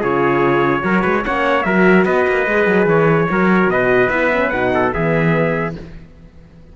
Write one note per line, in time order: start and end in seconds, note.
0.00 0.83 C#3
0.00 0.82 F4
0.00 0.82 G#4
0.00 1.24 C#5
0.82 1.03 F#3
0.82 1.23 F#4
0.82 1.02 A#4
1.02 1.25 G#3
1.02 1.22 B4
1.24 1.65 A#3
1.24 1.65 C#4
1.24 1.65 C#5
1.24 1.63 F#5
1.63 2.05 F#3
1.63 2.48 F#4
1.63 2.05 A#4
1.63 2.04 E5
2.05 2.26 B3
2.05 3.28 B4
2.05 2.87 D#5
2.27 2.46 A#3
2.46 2.66 G#3
2.46 3.30 G#4
2.66 2.86 F#3
2.86 3.27 E3
2.86 3.70 C#5
3.30 3.67 F#3
3.30 4.10 F#4
3.30 3.72 A#4
3.67 4.08 B2
3.67 4.74 B4
3.67 4.09 D#5
4.09 4.51 B3
4.09 4.30 E4
4.09 4.50 E5
4.32 4.51 C#4
4.50 4.94 B2
4.50 4.92 D#4
4.50 4.90 F#5
4.74 4.94 A4
4.92 5.76 E3
4.92 5.73 B3
4.92 5.76 G#4
4.92 5.75 E5